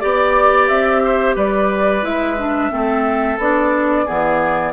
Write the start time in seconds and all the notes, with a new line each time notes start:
0.00 B3 G4 D5
0.68 C4 E5
1.04 C5
1.36 G3 B4 D5
2.03 G#3 E4 E5
2.39 D4
2.71 A3 C4 A4
3.38 B3 D4 D5
4.05 E3 B3 G#4